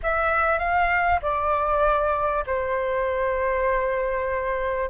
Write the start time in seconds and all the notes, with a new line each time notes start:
0.03 E5
0.58 F5
1.22 D5
2.46 C5